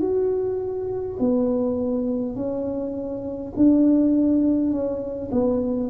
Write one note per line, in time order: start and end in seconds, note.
0.00 1.18 F#4
1.19 2.35 B3
2.35 3.53 C#4
3.56 4.71 D4
4.71 5.29 C#4
5.31 5.89 B3